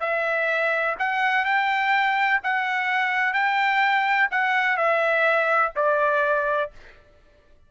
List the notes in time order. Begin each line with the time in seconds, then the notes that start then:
0.00 E5
0.99 F#5
1.45 G5
2.43 F#5
3.33 G5
4.31 F#5
4.77 E5
5.76 D5